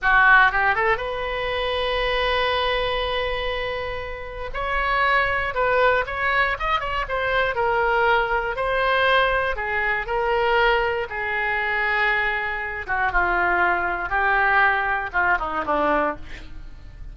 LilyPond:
\new Staff \with { instrumentName = "oboe" } { \time 4/4 \tempo 4 = 119 fis'4 g'8 a'8 b'2~ | b'1~ | b'4 cis''2 b'4 | cis''4 dis''8 cis''8 c''4 ais'4~ |
ais'4 c''2 gis'4 | ais'2 gis'2~ | gis'4. fis'8 f'2 | g'2 f'8 dis'8 d'4 | }